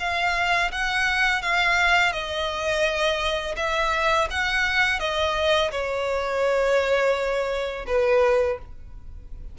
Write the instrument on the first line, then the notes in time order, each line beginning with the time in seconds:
violin
0.00 F5
0.72 F#5
1.43 F5
2.13 D#5
3.57 E5
4.31 F#5
5.00 D#5
5.71 C#5
7.87 B4